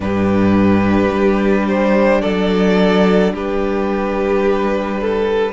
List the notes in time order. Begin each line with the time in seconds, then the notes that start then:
0.00 G2 D4 G4 B4
1.11 G3
1.67 C5
2.21 F#3 A4 D5
3.32 G3 G4 B4
5.00 A4